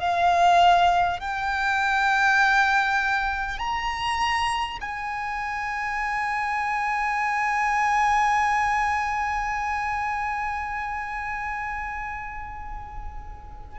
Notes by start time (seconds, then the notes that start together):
0.00 F5
1.20 G5
3.59 A#5
4.82 G#5